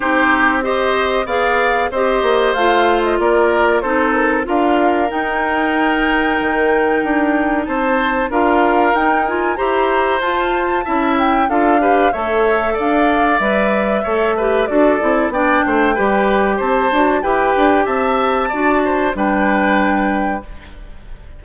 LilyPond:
<<
  \new Staff \with { instrumentName = "flute" } { \time 4/4 \tempo 4 = 94 c''4 dis''4 f''4 dis''4 | f''8. dis''16 d''4 c''8 ais'8 f''4 | g''1 | a''4 f''4 g''8 gis''8 ais''4 |
a''4. g''8 f''4 e''4 | f''4 e''2 d''4 | g''2 a''4 g''4 | a''2 g''2 | }
  \new Staff \with { instrumentName = "oboe" } { \time 4/4 g'4 c''4 d''4 c''4~ | c''4 ais'4 a'4 ais'4~ | ais'1 | c''4 ais'2 c''4~ |
c''4 e''4 a'8 b'8 cis''4 | d''2 cis''8 b'8 a'4 | d''8 c''8 b'4 c''4 b'4 | e''4 d''8 c''8 b'2 | }
  \new Staff \with { instrumentName = "clarinet" } { \time 4/4 dis'4 g'4 gis'4 g'4 | f'2 dis'4 f'4 | dis'1~ | dis'4 f'4 dis'8 f'8 g'4 |
f'4 e'4 f'8 g'8 a'4~ | a'4 b'4 a'8 g'8 fis'8 e'8 | d'4 g'4. fis'8 g'4~ | g'4 fis'4 d'2 | }
  \new Staff \with { instrumentName = "bassoon" } { \time 4/4 c'2 b4 c'8 ais8 | a4 ais4 c'4 d'4 | dis'2 dis4 d'4 | c'4 d'4 dis'4 e'4 |
f'4 cis'4 d'4 a4 | d'4 g4 a4 d'8 c'8 | b8 a8 g4 c'8 d'8 e'8 d'8 | c'4 d'4 g2 | }
>>